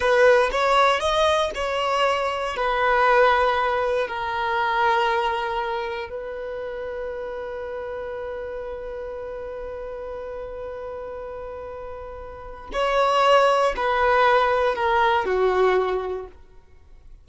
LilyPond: \new Staff \with { instrumentName = "violin" } { \time 4/4 \tempo 4 = 118 b'4 cis''4 dis''4 cis''4~ | cis''4 b'2. | ais'1 | b'1~ |
b'1~ | b'1~ | b'4 cis''2 b'4~ | b'4 ais'4 fis'2 | }